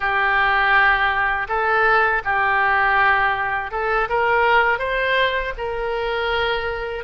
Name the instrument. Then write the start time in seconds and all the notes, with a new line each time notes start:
oboe
0.00 G4
1.48 A4
2.24 G4
3.71 A4
4.09 A#4
4.78 C5
5.57 A#4